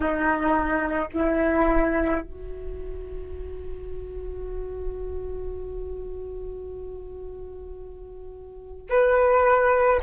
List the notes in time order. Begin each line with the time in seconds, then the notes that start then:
0.00 D#4
1.13 E4
2.22 F#4
8.89 B4